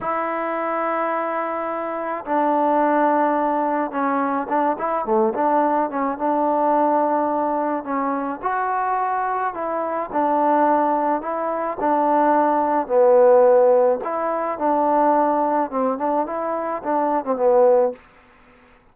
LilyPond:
\new Staff \with { instrumentName = "trombone" } { \time 4/4 \tempo 4 = 107 e'1 | d'2. cis'4 | d'8 e'8 a8 d'4 cis'8 d'4~ | d'2 cis'4 fis'4~ |
fis'4 e'4 d'2 | e'4 d'2 b4~ | b4 e'4 d'2 | c'8 d'8 e'4 d'8. c'16 b4 | }